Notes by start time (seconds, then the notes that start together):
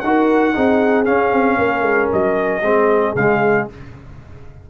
0.00 D#4 F#4 F#5
0.07 A#4
0.54 C4 D#4 G#4
1.05 C#4 F5
1.32 C4
1.57 A#3 A#4
1.81 G#3
2.13 F#3 D#5
2.62 G#3 C4 G#4
3.15 C#3 G#3 F5